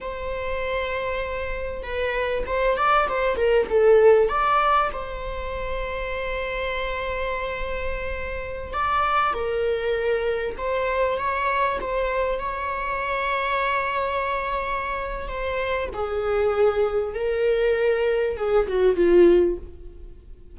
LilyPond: \new Staff \with { instrumentName = "viola" } { \time 4/4 \tempo 4 = 98 c''2. b'4 | c''8 d''8 c''8 ais'8 a'4 d''4 | c''1~ | c''2~ c''16 d''4 ais'8.~ |
ais'4~ ais'16 c''4 cis''4 c''8.~ | c''16 cis''2.~ cis''8.~ | cis''4 c''4 gis'2 | ais'2 gis'8 fis'8 f'4 | }